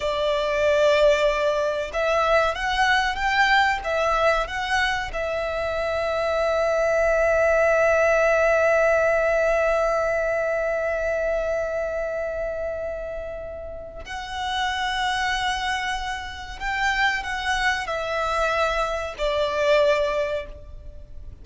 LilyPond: \new Staff \with { instrumentName = "violin" } { \time 4/4 \tempo 4 = 94 d''2. e''4 | fis''4 g''4 e''4 fis''4 | e''1~ | e''1~ |
e''1~ | e''2 fis''2~ | fis''2 g''4 fis''4 | e''2 d''2 | }